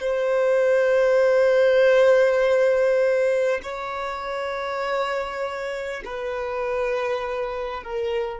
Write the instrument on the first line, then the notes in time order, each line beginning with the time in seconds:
violin
0.00 C5
3.63 C#5
6.05 B4
7.83 A#4